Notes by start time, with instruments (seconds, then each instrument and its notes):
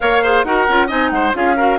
0.00 bassoon A#3, clarinet A#4, oboe C#5, flute F5
0.22 clarinet G#4, oboe C5
0.44 bassoon D#4, clarinet F#4, oboe A#4, flute F#5
0.68 bassoon C#4, clarinet F4
0.87 bassoon C4, clarinet D#4, oboe D#5, flute G#5
1.10 bassoon G#3, oboe C5, flute F#5
1.33 bassoon C#4, clarinet F4, oboe G#4, flute F5
1.56 clarinet F#4, oboe A#4